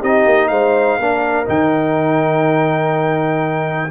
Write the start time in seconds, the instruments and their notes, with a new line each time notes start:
0.00 tuba C4, trombone D#4, horn G4, trumpet D#5
0.26 tuba A#3
0.48 tuba G#3, horn C5, trumpet F5
0.98 tuba A#3, trombone D4, horn A#4
1.45 tuba D#3, trombone D#4, trumpet G5